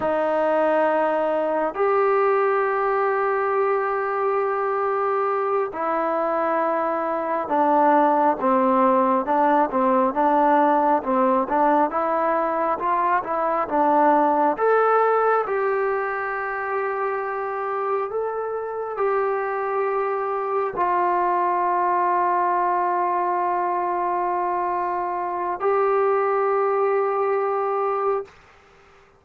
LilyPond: \new Staff \with { instrumentName = "trombone" } { \time 4/4 \tempo 4 = 68 dis'2 g'2~ | g'2~ g'8 e'4.~ | e'8 d'4 c'4 d'8 c'8 d'8~ | d'8 c'8 d'8 e'4 f'8 e'8 d'8~ |
d'8 a'4 g'2~ g'8~ | g'8 a'4 g'2 f'8~ | f'1~ | f'4 g'2. | }